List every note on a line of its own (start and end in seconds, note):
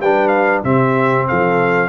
0.00 0.63 G3
0.00 0.64 D4
0.00 0.64 B4
0.00 0.28 G5
0.28 0.59 F5
0.64 1.27 C3
0.64 1.89 C4
0.64 1.27 G4
0.64 1.28 E5
1.28 1.89 F3
1.28 1.89 A4
1.28 1.89 F5